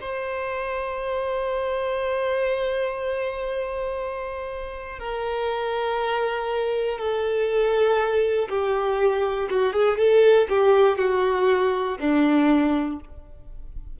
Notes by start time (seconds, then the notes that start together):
0.00 C5
4.99 A#4
6.98 A4
8.49 G4
9.50 F#4
9.73 G#4
9.97 A4
10.49 G4
10.98 F#4
11.99 D4